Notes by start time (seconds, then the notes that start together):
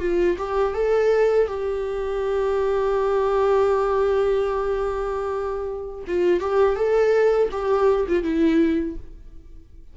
0.00 F4
0.38 G4
0.75 A4
1.48 G4
6.07 F4
6.41 G4
6.76 A4
7.52 G4
8.09 F4
8.23 E4